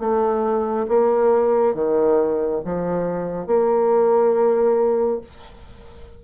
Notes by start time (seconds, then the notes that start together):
0.00 A3
0.89 A#3
1.75 D#3
2.65 F3
3.47 A#3